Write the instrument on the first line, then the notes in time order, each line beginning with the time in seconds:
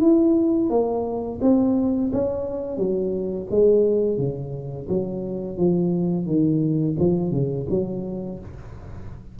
tuba
0.00 E4
0.69 A#3
1.41 C4
2.12 C#4
2.77 F#3
3.50 G#3
4.17 C#3
4.88 F#3
5.57 F3
6.26 D#3
6.99 F3
7.31 C#3
7.69 F#3